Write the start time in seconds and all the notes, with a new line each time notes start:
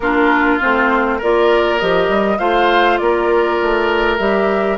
0.00 A#3 D4 F4 A#4
0.60 A3 C4 C5
1.18 A#3 F4 A#4 D5
1.79 F3 G4 D#5
2.08 G3
2.38 A3 F4 C5 F5
2.97 A#3 A#4 D5
3.62 A3
4.18 G3 G4 E5